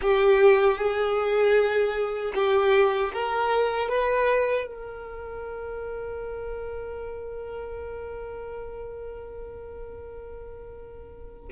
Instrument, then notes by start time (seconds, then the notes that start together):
violin
0.01 G4
0.77 G#4
2.34 G4
3.13 A#4
3.88 B4
4.66 A#4